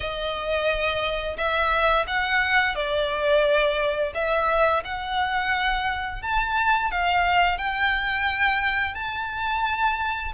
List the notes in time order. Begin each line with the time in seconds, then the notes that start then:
0.00 D#5
1.37 E5
2.07 F#5
2.75 D5
4.14 E5
4.84 F#5
6.22 A5
6.91 F5
7.58 G5
8.94 A5